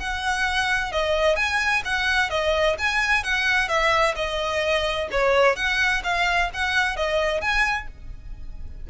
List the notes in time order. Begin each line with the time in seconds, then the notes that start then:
0.00 F#5
0.92 D#5
1.37 G#5
1.85 F#5
2.30 D#5
2.79 G#5
3.24 F#5
3.69 E5
4.16 D#5
5.12 C#5
5.56 F#5
6.04 F5
6.54 F#5
6.97 D#5
7.41 G#5